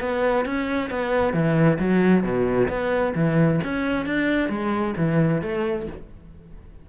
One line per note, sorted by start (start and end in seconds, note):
0.00 0.45 B3
0.45 0.90 C#4
0.90 1.33 B3
1.33 1.78 E3
1.79 2.23 F#3
2.23 2.68 B2
2.68 3.14 B3
3.15 3.60 E3
3.64 4.05 C#4
4.05 4.49 D4
4.49 4.94 G#3
4.97 5.42 E3
5.42 5.87 A3